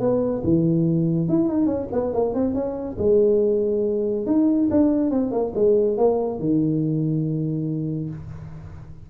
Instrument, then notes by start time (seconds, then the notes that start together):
tuba
0.00 B3
0.44 E3
1.29 E4
1.49 D#4
1.67 C#4
1.92 B3
2.14 A#3
2.35 C4
2.55 C#4
2.99 G#3
4.26 D#4
4.71 D4
5.11 C4
5.32 A#3
5.55 G#3
5.98 A#3
6.40 D#3